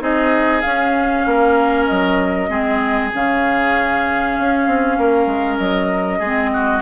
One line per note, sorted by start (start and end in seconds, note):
0.00 0.63 C4
0.00 0.62 D#4
0.00 1.26 G#4
0.00 0.61 D#5
0.61 2.49 C#4
0.61 1.26 C#4
0.61 1.85 F5
1.26 1.88 A#3
1.26 2.50 A#4
1.86 2.49 F#3
1.86 3.10 D#5
2.49 3.11 G#3
2.49 3.11 C4
2.49 4.98 G#4
3.14 4.38 C#3
3.14 6.23 C#4
3.14 5.59 F5
4.38 4.67 C#4
4.67 4.98 C4
4.98 5.27 A#3
4.98 6.19 A#4
5.27 5.57 G#3
5.59 6.20 F#3
5.59 6.82 D#5
6.19 6.82 G#3
6.19 6.82 C4
6.19 6.50 G#4
6.53 6.82 F#4